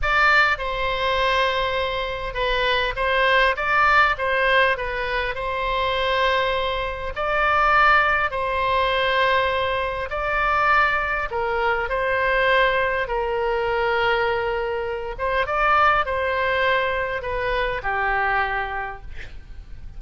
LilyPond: \new Staff \with { instrumentName = "oboe" } { \time 4/4 \tempo 4 = 101 d''4 c''2. | b'4 c''4 d''4 c''4 | b'4 c''2. | d''2 c''2~ |
c''4 d''2 ais'4 | c''2 ais'2~ | ais'4. c''8 d''4 c''4~ | c''4 b'4 g'2 | }